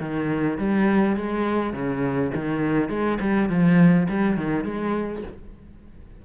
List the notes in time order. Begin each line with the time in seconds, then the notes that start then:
0.00 D#3
0.58 G3
1.16 G#3
1.73 C#3
2.35 D#3
2.89 G#3
3.20 G3
3.49 F3
4.09 G3
4.37 D#3
4.64 G#3